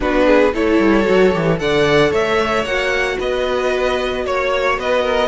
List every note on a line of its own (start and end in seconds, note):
0.00 0.53 B3
0.00 0.52 D4
0.00 0.26 F#4
0.00 0.54 B4
0.26 0.52 G#4
0.52 0.79 A3
0.52 1.05 E4
0.52 1.58 A4
0.52 1.59 C#5
0.79 1.05 G3
1.05 1.35 F#3
1.05 1.31 F#4
1.33 1.60 E3
1.33 1.57 G4
1.57 2.11 D3
1.57 2.63 A4
1.57 2.11 D5
1.57 2.12 F#5
2.11 2.63 A3
2.11 3.17 C#5
2.11 2.64 E5
2.63 3.17 A#3
2.63 5.27 F#4
2.63 3.18 F#5
3.17 4.25 B3
3.17 4.24 B4
3.17 4.25 D#5
4.25 4.78 A#3
4.25 4.79 C#5
4.78 5.27 B3
4.78 5.02 B4
4.78 5.27 D#5
5.02 5.27 A#4